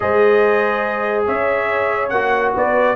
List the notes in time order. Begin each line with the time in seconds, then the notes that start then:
0.00 G#3 G#4 C5 D#5
1.26 C#4 C#5 E5
2.09 A#3 F#4 F#5
2.53 B3 B4 D5